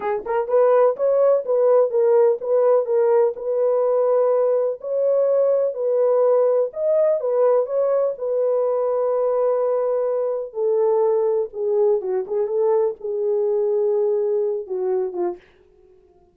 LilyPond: \new Staff \with { instrumentName = "horn" } { \time 4/4 \tempo 4 = 125 gis'8 ais'8 b'4 cis''4 b'4 | ais'4 b'4 ais'4 b'4~ | b'2 cis''2 | b'2 dis''4 b'4 |
cis''4 b'2.~ | b'2 a'2 | gis'4 fis'8 gis'8 a'4 gis'4~ | gis'2~ gis'8 fis'4 f'8 | }